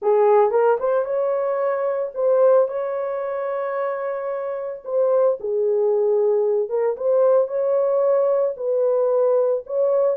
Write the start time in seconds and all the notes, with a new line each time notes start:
0.02 G#4
0.50 A#4
0.79 C5
1.04 C#5
2.14 C5
2.68 C#5
4.84 C5
5.40 G#4
6.69 A#4
6.96 C5
7.47 C#5
8.56 B4
9.66 C#5